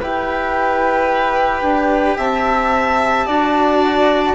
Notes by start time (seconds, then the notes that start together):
0.00 E4 G4 B4 G5
1.62 D4
2.17 C4 E5 A5
3.26 D4 F#4 D5